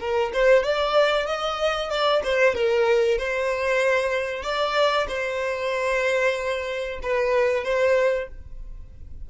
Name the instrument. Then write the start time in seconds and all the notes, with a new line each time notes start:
violin
0.00 A#4
0.34 C5
0.64 D5
1.27 D#5
1.90 D5
2.24 C5
2.54 A#4
3.18 C5
4.43 D5
5.08 C5
7.02 B4
7.64 C5